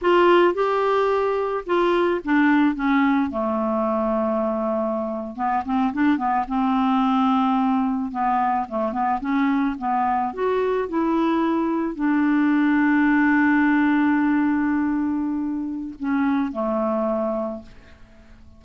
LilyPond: \new Staff \with { instrumentName = "clarinet" } { \time 4/4 \tempo 4 = 109 f'4 g'2 f'4 | d'4 cis'4 a2~ | a4.~ a16 b8 c'8 d'8 b8 c'16~ | c'2~ c'8. b4 a16~ |
a16 b8 cis'4 b4 fis'4 e'16~ | e'4.~ e'16 d'2~ d'16~ | d'1~ | d'4 cis'4 a2 | }